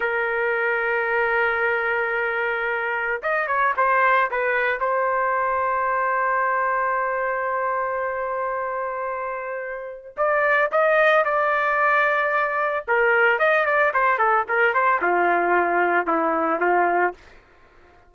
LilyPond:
\new Staff \with { instrumentName = "trumpet" } { \time 4/4 \tempo 4 = 112 ais'1~ | ais'2 dis''8 cis''8 c''4 | b'4 c''2.~ | c''1~ |
c''2. d''4 | dis''4 d''2. | ais'4 dis''8 d''8 c''8 a'8 ais'8 c''8 | f'2 e'4 f'4 | }